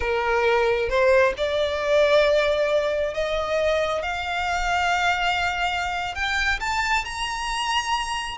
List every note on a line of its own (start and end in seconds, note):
0.00 0.89 A#4
0.89 1.33 C5
1.37 3.14 D5
3.14 4.02 D#5
4.02 6.14 F5
6.14 6.59 G5
6.59 7.04 A5
7.04 8.37 A#5